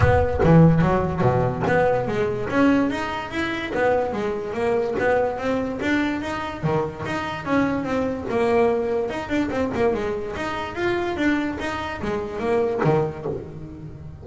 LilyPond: \new Staff \with { instrumentName = "double bass" } { \time 4/4 \tempo 4 = 145 b4 e4 fis4 b,4 | b4 gis4 cis'4 dis'4 | e'4 b4 gis4 ais4 | b4 c'4 d'4 dis'4 |
dis4 dis'4 cis'4 c'4 | ais2 dis'8 d'8 c'8 ais8 | gis4 dis'4 f'4 d'4 | dis'4 gis4 ais4 dis4 | }